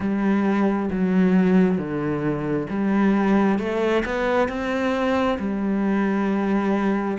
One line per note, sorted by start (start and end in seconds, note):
0.00 0.89 G3
0.90 1.77 F#3
1.77 2.67 D3
2.69 3.58 G3
3.58 4.03 A3
4.05 4.48 B3
4.48 5.37 C4
5.39 7.18 G3